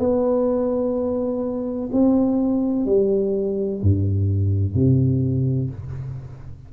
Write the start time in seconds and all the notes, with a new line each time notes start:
0.00 B3
1.93 C4
2.86 G3
3.83 G2
4.75 C3